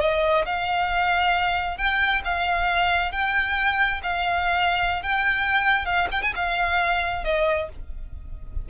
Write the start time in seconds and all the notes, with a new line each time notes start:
0.00 D#5
0.45 F5
1.77 G5
2.24 F5
3.12 G5
4.03 F5
5.02 G5
5.85 F5
6.11 G5
6.22 G#5
6.35 F5
7.24 D#5